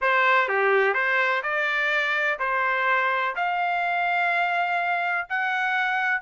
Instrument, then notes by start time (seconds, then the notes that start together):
trumpet
0.01 C5
0.48 G4
0.94 C5
1.42 D5
2.39 C5
3.35 F5
5.29 F#5